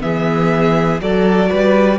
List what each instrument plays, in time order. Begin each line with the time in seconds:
0.00 cello E3, viola B3, violin G#4 E5
1.00 cello F#3, viola F#4, violin A4 D5
1.50 cello G3, violin B4